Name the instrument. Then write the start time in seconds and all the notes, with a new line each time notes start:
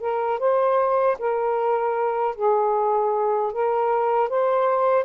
saxophone
0.00 A#4
0.39 C5
1.18 A#4
2.35 G#4
3.52 A#4
4.29 C5